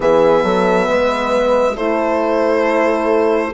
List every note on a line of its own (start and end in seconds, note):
0.00 0.43 E3
0.00 1.75 B3
0.00 0.44 G#4
0.00 1.76 E5
0.43 0.87 F#3
0.43 0.88 A4
0.88 1.77 G#3
0.88 1.76 B4
1.76 3.53 A3
1.76 3.53 E4
1.76 3.52 A4
1.76 3.53 C5